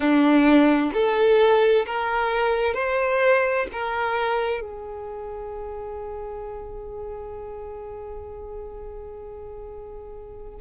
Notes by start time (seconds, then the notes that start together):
0.00 D4
0.93 A4
1.85 A#4
2.74 C5
3.72 A#4
4.60 G#4